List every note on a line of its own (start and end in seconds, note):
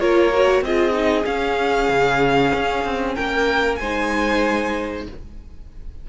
0.00 0.62 A#3
0.00 0.32 F4
0.00 0.64 A#4
0.00 0.64 C#5
0.34 0.65 F#4
0.62 1.25 C4
0.62 0.93 F4
0.62 3.16 G#4
0.62 1.26 D#5
0.93 1.24 D#4
1.26 3.78 C#4
1.26 1.89 C#4
1.26 3.15 F5
1.89 2.52 C#3
2.54 2.85 C#4
2.85 3.16 C4
3.15 3.81 A#3
3.15 3.79 A#4
3.15 3.76 G5
3.76 5.07 G#3
3.76 5.07 C5
3.76 5.02 G#5
3.83 5.10 D#4